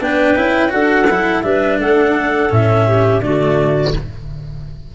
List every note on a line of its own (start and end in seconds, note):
0.00 0.36 B3
0.00 0.36 D4
0.00 0.72 B4
0.00 0.72 G5
0.36 0.72 C#4
0.36 0.69 E4
0.69 1.08 D4
0.69 1.05 F#4
0.69 1.44 A4
0.69 1.42 F#5
1.08 1.43 F#3
1.08 1.43 E4
1.42 1.79 G3
1.42 2.49 D4
1.42 1.80 B4
1.42 1.78 E5
1.79 2.50 A3
1.79 2.87 A4
1.79 2.52 F#5
2.49 3.20 A2
2.49 3.21 C#4
2.49 3.21 E5
2.87 3.23 G4
3.20 3.92 D3
3.20 3.93 A3
3.20 3.95 F#4
3.20 3.93 D5